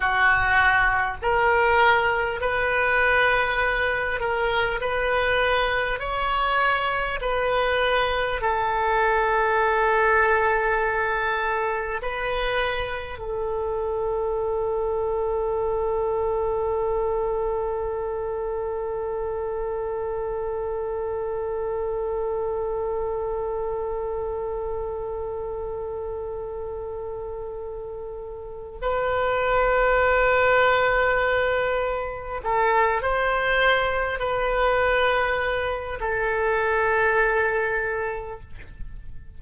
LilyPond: \new Staff \with { instrumentName = "oboe" } { \time 4/4 \tempo 4 = 50 fis'4 ais'4 b'4. ais'8 | b'4 cis''4 b'4 a'4~ | a'2 b'4 a'4~ | a'1~ |
a'1~ | a'1 | b'2. a'8 c''8~ | c''8 b'4. a'2 | }